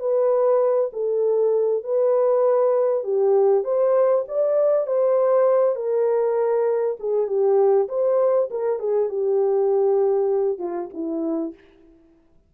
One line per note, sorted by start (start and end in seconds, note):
0.00 0.91 B4
0.93 1.84 A4
1.84 3.04 B4
3.04 3.64 G4
3.64 4.25 C5
4.28 4.87 D5
4.87 5.76 C5
5.76 6.97 A#4
7.00 7.28 G#4
7.28 7.88 G4
7.89 8.50 C5
8.51 8.80 A#4
8.80 9.10 G#4
9.10 10.59 G4
10.59 10.89 F4
10.94 11.55 E4